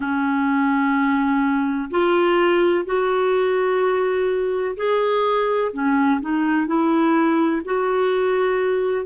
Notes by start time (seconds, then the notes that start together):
0.00 C#4
1.90 F4
2.85 F#4
4.76 G#4
5.72 C#4
6.20 D#4
6.66 E4
7.65 F#4